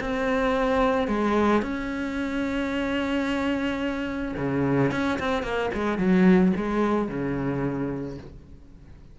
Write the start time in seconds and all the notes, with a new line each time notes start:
0.00 C4
1.07 G#3
1.62 C#4
4.37 C#3
4.91 C#4
5.19 C4
5.43 A#3
5.74 G#3
5.98 F#3
6.56 G#3
7.08 C#3